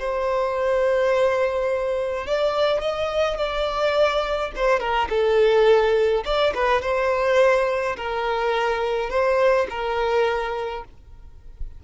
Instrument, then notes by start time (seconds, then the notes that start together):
violin
0.00 C5
2.27 D5
2.81 D#5
3.38 D5
4.56 C5
4.80 A#4
5.10 A4
6.25 D5
6.55 B4
6.82 C5
7.97 A#4
9.10 C5
9.70 A#4